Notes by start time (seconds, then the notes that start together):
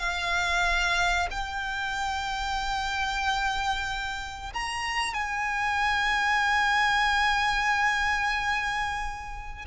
0.00 F5
1.31 G5
4.54 A#5
5.14 G#5